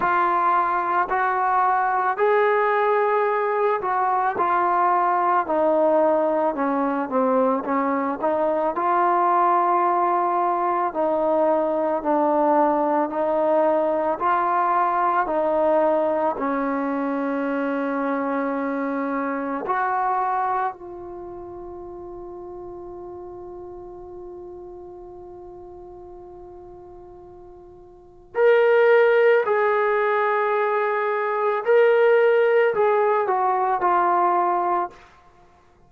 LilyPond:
\new Staff \with { instrumentName = "trombone" } { \time 4/4 \tempo 4 = 55 f'4 fis'4 gis'4. fis'8 | f'4 dis'4 cis'8 c'8 cis'8 dis'8 | f'2 dis'4 d'4 | dis'4 f'4 dis'4 cis'4~ |
cis'2 fis'4 f'4~ | f'1~ | f'2 ais'4 gis'4~ | gis'4 ais'4 gis'8 fis'8 f'4 | }